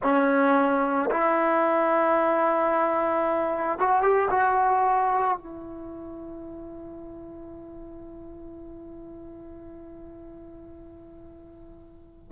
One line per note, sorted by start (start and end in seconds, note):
0.02 1.10 C#4
1.11 3.78 E4
3.78 4.02 F#4
4.02 4.29 G4
4.30 5.37 F#4
5.37 12.31 E4